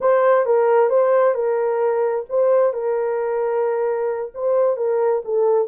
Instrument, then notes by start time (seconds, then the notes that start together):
horn
0.00 C5
0.45 A#4
0.89 C5
1.34 A#4
2.29 C5
2.73 A#4
4.34 C5
4.76 A#4
5.24 A4